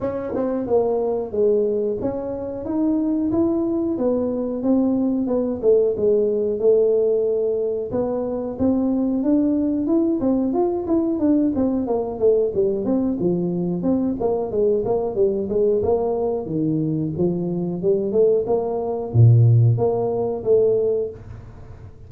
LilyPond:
\new Staff \with { instrumentName = "tuba" } { \time 4/4 \tempo 4 = 91 cis'8 c'8 ais4 gis4 cis'4 | dis'4 e'4 b4 c'4 | b8 a8 gis4 a2 | b4 c'4 d'4 e'8 c'8 |
f'8 e'8 d'8 c'8 ais8 a8 g8 c'8 | f4 c'8 ais8 gis8 ais8 g8 gis8 | ais4 dis4 f4 g8 a8 | ais4 ais,4 ais4 a4 | }